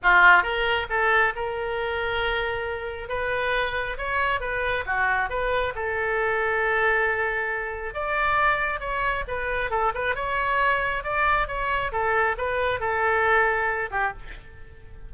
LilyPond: \new Staff \with { instrumentName = "oboe" } { \time 4/4 \tempo 4 = 136 f'4 ais'4 a'4 ais'4~ | ais'2. b'4~ | b'4 cis''4 b'4 fis'4 | b'4 a'2.~ |
a'2 d''2 | cis''4 b'4 a'8 b'8 cis''4~ | cis''4 d''4 cis''4 a'4 | b'4 a'2~ a'8 g'8 | }